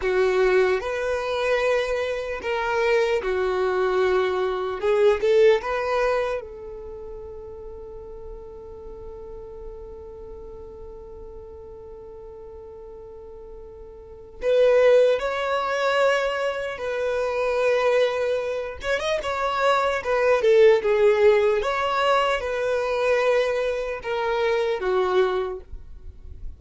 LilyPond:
\new Staff \with { instrumentName = "violin" } { \time 4/4 \tempo 4 = 75 fis'4 b'2 ais'4 | fis'2 gis'8 a'8 b'4 | a'1~ | a'1~ |
a'2 b'4 cis''4~ | cis''4 b'2~ b'8 cis''16 dis''16 | cis''4 b'8 a'8 gis'4 cis''4 | b'2 ais'4 fis'4 | }